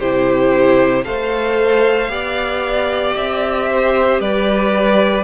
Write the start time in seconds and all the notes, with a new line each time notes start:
0.00 C3 E4 G4 C5
1.05 A3 A4 C5 F5
2.09 B3 G4 D5
3.16 C4 E5
3.71 C5
4.20 G3 B4 D5